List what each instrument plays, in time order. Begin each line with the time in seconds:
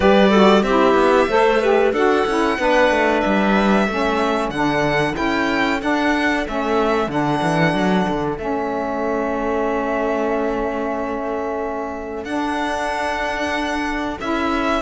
0.00 cello G3, saxophone G4, clarinet B4, violin D5
0.30 saxophone F#4, clarinet A4
0.62 cello C4, saxophone E4, clarinet G4, violin E5
0.94 cello B3
1.28 cello A3, saxophone A4, clarinet C5
1.61 saxophone G4, clarinet B4
1.92 cello D4, saxophone F#4, clarinet A4, violin F#5
2.26 cello C#4, saxophone E4
2.58 cello B3, saxophone D4, clarinet B4
2.90 cello A3
3.20 cello G3, violin E5
3.87 cello A3, saxophone C#4, clarinet A4
4.49 cello D3, saxophone D4, violin F#5
5.14 cello C#4, saxophone E4, violin G5
5.79 saxophone D4, cello D4, violin F#5
6.45 cello A3, saxophone C#4, violin E5
7.07 cello D3, saxophone D4, violin F#5
7.42 cello E3
7.74 cello F#3
8.08 cello D3
8.37 cello A3, saxophone C#4, violin E5
12.24 cello D4, saxophone D4, violin F#5
14.20 cello C#4, saxophone E4, violin E5